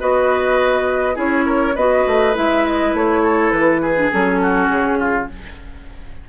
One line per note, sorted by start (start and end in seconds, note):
0.00 1.17 B3
0.00 1.14 F#4
0.00 1.16 B4
0.00 1.18 D#5
1.14 1.76 C#4
1.14 1.73 E4
1.14 1.45 G#4
1.14 1.77 C#5
1.46 1.75 A#4
1.75 2.05 B3
1.75 2.34 F#4
1.75 3.22 B4
1.75 2.36 D#5
2.07 2.37 A3
2.34 2.94 G#3
2.34 3.96 E4
2.34 2.66 E5
2.66 2.95 D#5
2.94 3.52 A3
2.94 3.51 C#5
3.23 3.82 A4
3.51 4.11 E3
3.51 4.10 B4
3.82 4.41 G#4
3.96 4.11 D4
4.12 4.69 F#3
4.12 5.30 C#4
4.12 4.69 A4
4.42 4.99 F#4
4.69 5.28 C#3
4.69 5.28 G#4
4.99 5.28 F4